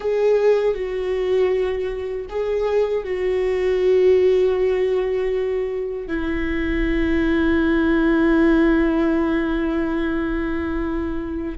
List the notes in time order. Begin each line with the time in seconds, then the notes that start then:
0.00 G#4
0.74 F#4
2.29 G#4
3.04 F#4
6.07 E4